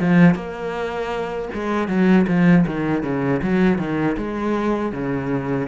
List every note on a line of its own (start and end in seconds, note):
0.00 0.35 F3
0.35 1.49 A#3
1.53 1.88 G#3
1.88 2.26 F#3
2.27 2.65 F3
2.66 3.02 D#3
3.02 3.40 C#3
3.42 3.78 F#3
3.78 4.16 D#3
4.17 4.92 G#3
4.92 5.68 C#3